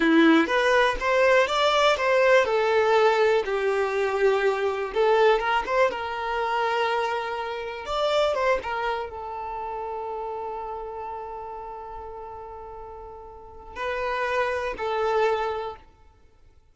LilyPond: \new Staff \with { instrumentName = "violin" } { \time 4/4 \tempo 4 = 122 e'4 b'4 c''4 d''4 | c''4 a'2 g'4~ | g'2 a'4 ais'8 c''8 | ais'1 |
d''4 c''8 ais'4 a'4.~ | a'1~ | a'1 | b'2 a'2 | }